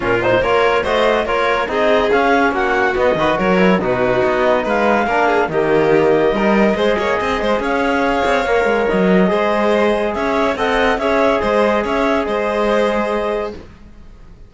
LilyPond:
<<
  \new Staff \with { instrumentName = "clarinet" } { \time 4/4 \tempo 4 = 142 ais'8 c''8 cis''4 dis''4 cis''4 | dis''4 f''4 fis''4 dis''4 | cis''4 b'4 dis''4 f''4~ | f''4 dis''2.~ |
dis''2 f''2~ | f''4 dis''2. | e''4 fis''4 e''4 dis''4 | e''4 dis''2. | }
  \new Staff \with { instrumentName = "violin" } { \time 4/4 f'4 ais'4 c''4 ais'4 | gis'2 fis'4. b'8 | ais'4 fis'2 b'4 | ais'8 gis'8 g'2 ais'4 |
c''8 cis''8 dis''8 c''8 cis''2~ | cis''2 c''2 | cis''4 dis''4 cis''4 c''4 | cis''4 c''2. | }
  \new Staff \with { instrumentName = "trombone" } { \time 4/4 cis'8 dis'8 f'4 fis'4 f'4 | dis'4 cis'2 b8 fis'8~ | fis'8 e'8 dis'2. | d'4 ais2 dis'4 |
gis'1 | ais'2 gis'2~ | gis'4 a'4 gis'2~ | gis'1 | }
  \new Staff \with { instrumentName = "cello" } { \time 4/4 ais,4 ais4 a4 ais4 | c'4 cis'4 ais4 b8 dis8 | fis4 b,4 b4 gis4 | ais4 dis2 g4 |
gis8 ais8 c'8 gis8 cis'4. c'8 | ais8 gis8 fis4 gis2 | cis'4 c'4 cis'4 gis4 | cis'4 gis2. | }
>>